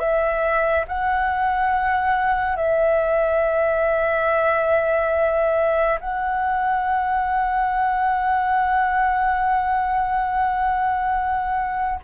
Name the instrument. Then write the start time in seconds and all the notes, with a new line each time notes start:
flute
0.00 E5
0.88 F#5
2.57 E5
6.01 F#5